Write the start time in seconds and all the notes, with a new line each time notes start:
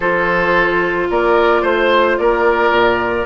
0.00 F3 F4 A4 C5
1.10 A#3 A#4 D5
1.62 A3 C5
2.18 A#3 A#4 D5
2.70 A#2